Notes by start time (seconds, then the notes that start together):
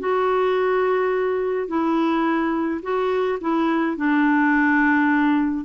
0.00 F#4
1.68 E4
2.83 F#4
3.41 E4
3.97 D4